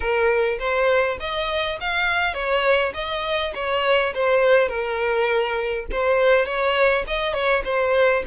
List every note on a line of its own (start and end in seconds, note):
0.00 0.58 A#4
0.59 1.17 C5
1.20 1.79 D#5
1.80 2.34 F5
2.34 2.93 C#5
2.94 3.53 D#5
3.55 4.13 C#5
4.14 4.68 C5
4.68 5.86 A#4
5.91 6.45 C5
6.45 7.04 C#5
7.07 7.33 D#5
7.33 7.63 C#5
7.64 8.23 C5